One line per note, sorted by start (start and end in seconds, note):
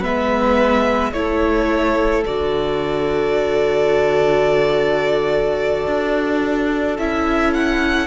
0.00 1.12 G#3
0.00 1.13 B3
0.00 1.11 B4
0.00 1.13 E5
1.12 2.24 A3
1.12 2.25 E4
1.12 8.07 A4
1.12 2.24 C#5
2.25 5.87 D3
2.25 6.99 F#4
2.25 6.97 D5
5.87 6.98 D4
6.98 8.07 C#4
6.98 8.07 E4
6.98 7.54 E5
7.54 8.07 F#5